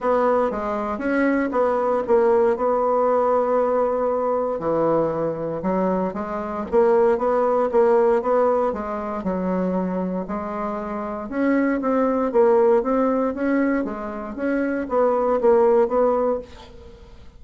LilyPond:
\new Staff \with { instrumentName = "bassoon" } { \time 4/4 \tempo 4 = 117 b4 gis4 cis'4 b4 | ais4 b2.~ | b4 e2 fis4 | gis4 ais4 b4 ais4 |
b4 gis4 fis2 | gis2 cis'4 c'4 | ais4 c'4 cis'4 gis4 | cis'4 b4 ais4 b4 | }